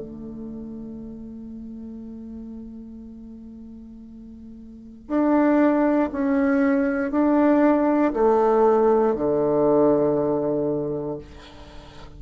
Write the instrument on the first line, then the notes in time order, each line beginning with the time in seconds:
bassoon
0.00 A3
5.08 D4
6.12 C#4
7.11 D4
8.14 A3
9.15 D3